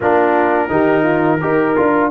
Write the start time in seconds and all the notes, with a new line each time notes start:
0.00 A#3 D4 F4 A#4
0.69 D#3 D#4 G4
1.02 F4
1.41 D#4 G4 A#4
1.75 D4 F4